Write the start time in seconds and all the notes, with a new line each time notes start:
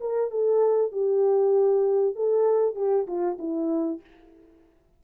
0.00 A#4
0.30 A4
0.91 G4
2.15 A4
2.75 G4
3.06 F4
3.39 E4